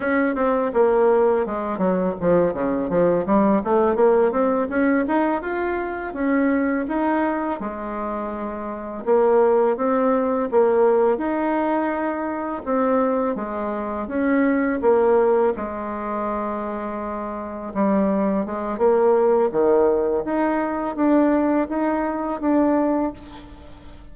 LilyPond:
\new Staff \with { instrumentName = "bassoon" } { \time 4/4 \tempo 4 = 83 cis'8 c'8 ais4 gis8 fis8 f8 cis8 | f8 g8 a8 ais8 c'8 cis'8 dis'8 f'8~ | f'8 cis'4 dis'4 gis4.~ | gis8 ais4 c'4 ais4 dis'8~ |
dis'4. c'4 gis4 cis'8~ | cis'8 ais4 gis2~ gis8~ | gis8 g4 gis8 ais4 dis4 | dis'4 d'4 dis'4 d'4 | }